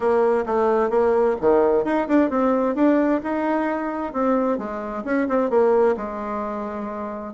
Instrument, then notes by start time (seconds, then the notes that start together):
bassoon
0.00 A#3
0.45 A3
0.90 A#3
1.40 D#3
1.84 D#4
2.08 D4
2.29 C4
2.75 D4
3.23 D#4
4.13 C4
4.57 G#3
5.04 C#4
5.28 C4
5.49 A#3
5.96 G#3